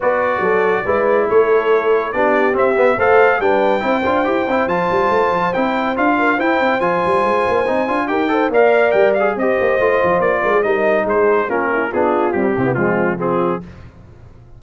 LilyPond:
<<
  \new Staff \with { instrumentName = "trumpet" } { \time 4/4 \tempo 4 = 141 d''2. cis''4~ | cis''4 d''4 e''4 f''4 | g''2. a''4~ | a''4 g''4 f''4 g''4 |
gis''2. g''4 | f''4 g''8 f''8 dis''2 | d''4 dis''4 c''4 ais'4 | gis'4 g'4 f'4 gis'4 | }
  \new Staff \with { instrumentName = "horn" } { \time 4/4 b'4 a'4 b'4 a'4~ | a'4 g'2 c''4 | b'4 c''2.~ | c''2~ c''8 ais'8 c''4~ |
c''2. ais'8 c''8 | d''2 c''2~ | c''8 ais'16 gis'16 ais'4 gis'4 f'8 e'8 | f'4. e'8 c'4 f'4 | }
  \new Staff \with { instrumentName = "trombone" } { \time 4/4 fis'2 e'2~ | e'4 d'4 c'8 b8 a'4 | d'4 e'8 f'8 g'8 e'8 f'4~ | f'4 e'4 f'4 e'4 |
f'2 dis'8 f'8 g'8 a'8 | ais'4. gis'8 g'4 f'4~ | f'4 dis'2 cis'4 | d'4 g8 c'16 b16 gis4 c'4 | }
  \new Staff \with { instrumentName = "tuba" } { \time 4/4 b4 fis4 gis4 a4~ | a4 b4 c'8 b8 a4 | g4 c'8 d'8 e'8 c'8 f8 g8 | a8 f8 c'4 d'4 e'8 c'8 |
f8 g8 gis8 ais8 c'8 d'8 dis'4 | ais4 g4 c'8 ais8 a8 f8 | ais8 gis8 g4 gis4 ais4 | b4 c'8 c8 f2 | }
>>